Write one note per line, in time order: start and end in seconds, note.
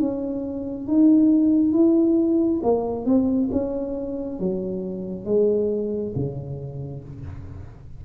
0.00 0.87 C#4
0.87 1.73 D#4
1.73 2.61 E4
2.64 3.06 A#3
3.06 3.50 C4
3.52 4.40 C#4
4.40 5.25 F#3
5.25 6.13 G#3
6.16 7.04 C#3